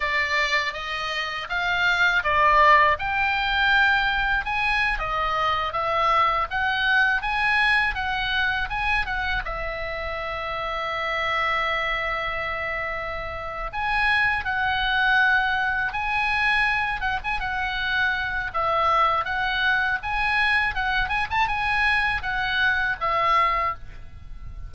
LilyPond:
\new Staff \with { instrumentName = "oboe" } { \time 4/4 \tempo 4 = 81 d''4 dis''4 f''4 d''4 | g''2 gis''8. dis''4 e''16~ | e''8. fis''4 gis''4 fis''4 gis''16~ | gis''16 fis''8 e''2.~ e''16~ |
e''2~ e''8 gis''4 fis''8~ | fis''4. gis''4. fis''16 gis''16 fis''8~ | fis''4 e''4 fis''4 gis''4 | fis''8 gis''16 a''16 gis''4 fis''4 e''4 | }